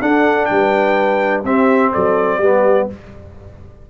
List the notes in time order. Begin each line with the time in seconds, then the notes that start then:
0.00 D4 A4 F#5
0.45 G3 G5
0.52 B4
1.44 C4 G4 E5
1.91 F#3 A4 D5
2.37 G3 B3 G4